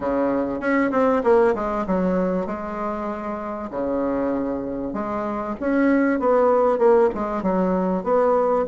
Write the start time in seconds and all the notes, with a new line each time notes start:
0.00 C#3
0.59 C#4
0.91 C4
1.23 A#3
1.54 G#3
1.86 F#3
2.46 G#3
3.70 C#3
4.93 G#3
5.60 C#4
6.19 B3
6.78 A#3
7.14 G#3
7.42 F#3
8.03 B3